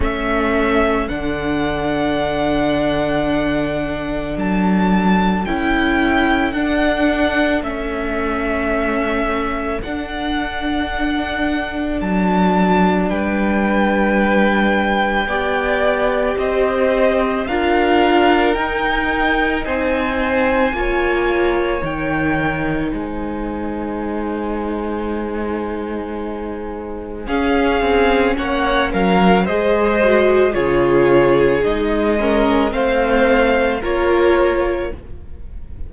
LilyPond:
<<
  \new Staff \with { instrumentName = "violin" } { \time 4/4 \tempo 4 = 55 e''4 fis''2. | a''4 g''4 fis''4 e''4~ | e''4 fis''2 a''4 | g''2. dis''4 |
f''4 g''4 gis''2 | g''4 gis''2.~ | gis''4 f''4 fis''8 f''8 dis''4 | cis''4 dis''4 f''4 cis''4 | }
  \new Staff \with { instrumentName = "violin" } { \time 4/4 a'1~ | a'1~ | a'1 | b'2 d''4 c''4 |
ais'2 c''4 cis''4~ | cis''4 c''2.~ | c''4 gis'4 cis''8 ais'8 c''4 | gis'4. ais'8 c''4 ais'4 | }
  \new Staff \with { instrumentName = "viola" } { \time 4/4 cis'4 d'2.~ | d'4 e'4 d'4 cis'4~ | cis'4 d'2.~ | d'2 g'2 |
f'4 dis'2 f'4 | dis'1~ | dis'4 cis'2 gis'8 fis'8 | f'4 dis'8 cis'8 c'4 f'4 | }
  \new Staff \with { instrumentName = "cello" } { \time 4/4 a4 d2. | fis4 cis'4 d'4 a4~ | a4 d'2 fis4 | g2 b4 c'4 |
d'4 dis'4 c'4 ais4 | dis4 gis2.~ | gis4 cis'8 c'8 ais8 fis8 gis4 | cis4 gis4 a4 ais4 | }
>>